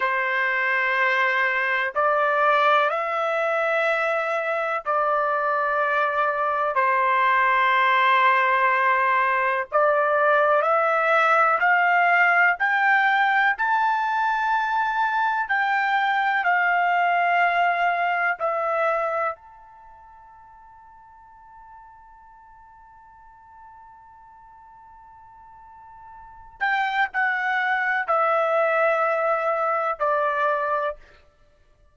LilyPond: \new Staff \with { instrumentName = "trumpet" } { \time 4/4 \tempo 4 = 62 c''2 d''4 e''4~ | e''4 d''2 c''4~ | c''2 d''4 e''4 | f''4 g''4 a''2 |
g''4 f''2 e''4 | a''1~ | a''2.~ a''8 g''8 | fis''4 e''2 d''4 | }